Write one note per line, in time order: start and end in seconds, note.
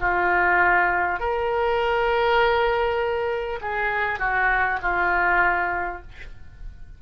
0.00 1.19 F4
1.19 3.59 A#4
3.61 4.19 G#4
4.19 4.79 F#4
4.82 6.02 F4